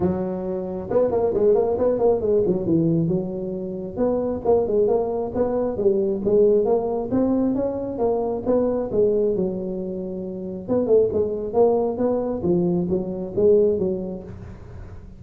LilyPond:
\new Staff \with { instrumentName = "tuba" } { \time 4/4 \tempo 4 = 135 fis2 b8 ais8 gis8 ais8 | b8 ais8 gis8 fis8 e4 fis4~ | fis4 b4 ais8 gis8 ais4 | b4 g4 gis4 ais4 |
c'4 cis'4 ais4 b4 | gis4 fis2. | b8 a8 gis4 ais4 b4 | f4 fis4 gis4 fis4 | }